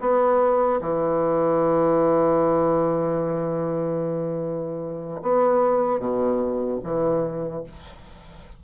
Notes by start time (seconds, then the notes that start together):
0.00 B3
0.81 E3
5.22 B3
5.99 B2
6.83 E3